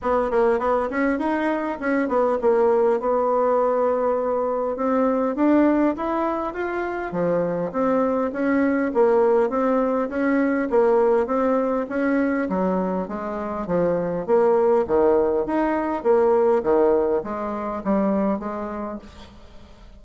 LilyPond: \new Staff \with { instrumentName = "bassoon" } { \time 4/4 \tempo 4 = 101 b8 ais8 b8 cis'8 dis'4 cis'8 b8 | ais4 b2. | c'4 d'4 e'4 f'4 | f4 c'4 cis'4 ais4 |
c'4 cis'4 ais4 c'4 | cis'4 fis4 gis4 f4 | ais4 dis4 dis'4 ais4 | dis4 gis4 g4 gis4 | }